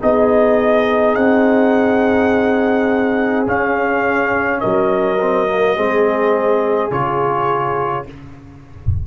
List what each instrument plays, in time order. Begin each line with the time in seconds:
0.00 tuba B3, trombone D#4, horn G#4, trumpet D#5
1.16 tuba C4, trumpet F#5
3.46 trombone C#4, tuba C#4, trumpet F5
4.61 tuba F#3, horn A#4, trumpet D#5
5.21 trombone C4
5.48 trombone A#3
5.75 tuba G#3, trombone C4, horn G#4
6.91 tuba C#3, trombone F4, trumpet C#5